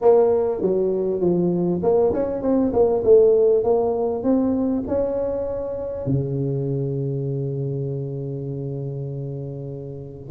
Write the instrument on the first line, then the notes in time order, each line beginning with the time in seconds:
tuba
0.01 A#3
0.61 F#3
1.20 F3
1.83 A#3
2.13 C#4
2.42 C4
2.72 A#3
3.04 A3
3.63 A#3
4.23 C4
4.87 C#4
6.06 C#3